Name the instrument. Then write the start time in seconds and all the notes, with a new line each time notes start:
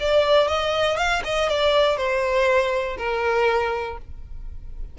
violin
0.00 D5
0.48 D#5
0.97 F5
1.24 D#5
1.49 D5
1.97 C5
2.98 A#4